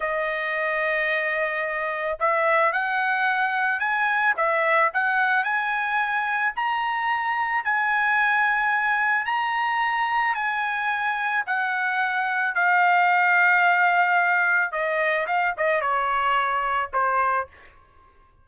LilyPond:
\new Staff \with { instrumentName = "trumpet" } { \time 4/4 \tempo 4 = 110 dis''1 | e''4 fis''2 gis''4 | e''4 fis''4 gis''2 | ais''2 gis''2~ |
gis''4 ais''2 gis''4~ | gis''4 fis''2 f''4~ | f''2. dis''4 | f''8 dis''8 cis''2 c''4 | }